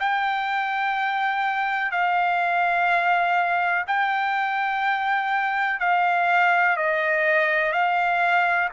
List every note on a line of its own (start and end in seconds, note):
0.00 1.91 G5
1.91 3.85 F5
3.87 5.80 G5
5.80 6.77 F5
6.77 7.72 D#5
7.72 8.69 F5